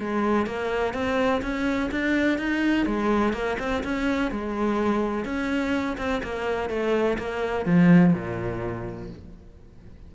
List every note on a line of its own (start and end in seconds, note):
0.00 0.47 G#3
0.47 0.94 A#3
0.94 1.42 C4
1.43 1.91 C#4
1.92 2.39 D4
2.39 2.87 D#4
2.87 3.34 G#3
3.34 3.58 A#3
3.60 3.84 C4
3.84 4.32 C#4
4.32 5.25 G#3
5.25 5.97 C#4
5.98 6.22 C4
6.24 6.70 A#3
6.70 7.18 A3
7.19 7.66 A#3
7.66 8.14 F3
8.14 9.10 A#2